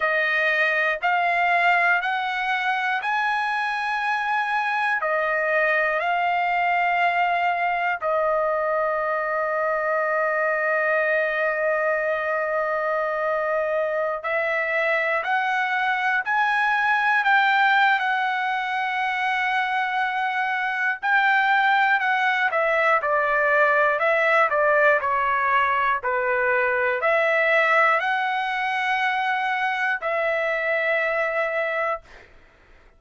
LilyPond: \new Staff \with { instrumentName = "trumpet" } { \time 4/4 \tempo 4 = 60 dis''4 f''4 fis''4 gis''4~ | gis''4 dis''4 f''2 | dis''1~ | dis''2~ dis''16 e''4 fis''8.~ |
fis''16 gis''4 g''8. fis''2~ | fis''4 g''4 fis''8 e''8 d''4 | e''8 d''8 cis''4 b'4 e''4 | fis''2 e''2 | }